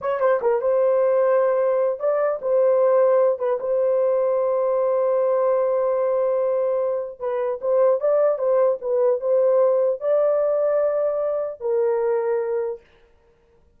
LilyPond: \new Staff \with { instrumentName = "horn" } { \time 4/4 \tempo 4 = 150 cis''8 c''8 ais'8 c''2~ c''8~ | c''4 d''4 c''2~ | c''8 b'8 c''2.~ | c''1~ |
c''2 b'4 c''4 | d''4 c''4 b'4 c''4~ | c''4 d''2.~ | d''4 ais'2. | }